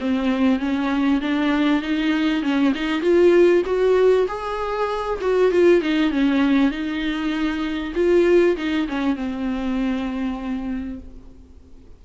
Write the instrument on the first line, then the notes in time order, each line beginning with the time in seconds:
viola
0.00 C4
0.60 C#4
1.21 D4
1.82 D#4
2.42 C#4
2.75 D#4
3.02 F4
3.65 F#4
4.28 G#4
5.21 F#4
5.51 F4
5.81 D#4
6.11 C#4
6.71 D#4
7.95 F4
8.57 D#4
8.88 C#4
9.16 C4